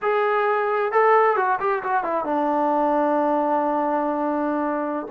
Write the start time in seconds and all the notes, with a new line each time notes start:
0.02 G#4
0.92 A4
1.36 F#4
1.60 G4
1.83 F#4
2.03 E4
2.25 D4